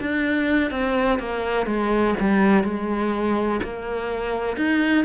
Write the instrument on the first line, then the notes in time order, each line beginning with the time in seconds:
cello
0.00 D4
0.71 C4
1.19 A#3
1.66 G#3
2.20 G3
2.63 G#3
3.63 A#3
4.57 D#4